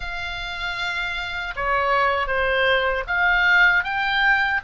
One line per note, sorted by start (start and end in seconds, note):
0.00 1.54 F5
1.56 2.27 C#5
2.27 3.04 C5
3.07 3.84 F5
3.84 4.60 G5